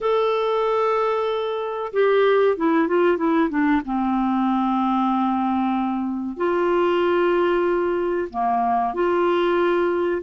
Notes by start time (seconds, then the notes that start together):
0.01 A4
1.92 G4
2.56 E4
2.87 F4
3.17 E4
3.49 D4
3.85 C4
6.37 F4
8.30 A#3
8.94 F4